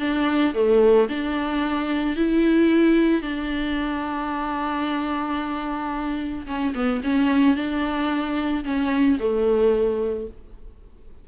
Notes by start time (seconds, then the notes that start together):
0.00 D4
0.55 A3
1.09 D4
2.17 E4
3.22 D4
6.47 C#4
6.75 B3
7.04 C#4
7.56 D4
8.65 C#4
9.20 A3